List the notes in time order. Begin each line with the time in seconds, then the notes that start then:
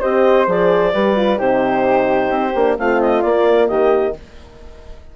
0.00 C4 G4 C5 D#5
0.46 F3 G#4 D5
0.93 G3 G4 B4
1.16 F4
1.37 C3 D#4 G4 C5
2.30 C4
2.54 A#3 D4
2.77 A3 C4 F4 F5
3.00 D#5
3.22 A#3 D5
3.67 D#3 G4 D#5